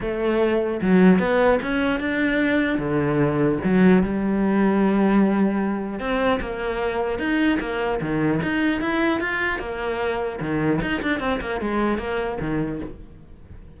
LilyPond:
\new Staff \with { instrumentName = "cello" } { \time 4/4 \tempo 4 = 150 a2 fis4 b4 | cis'4 d'2 d4~ | d4 fis4 g2~ | g2. c'4 |
ais2 dis'4 ais4 | dis4 dis'4 e'4 f'4 | ais2 dis4 dis'8 d'8 | c'8 ais8 gis4 ais4 dis4 | }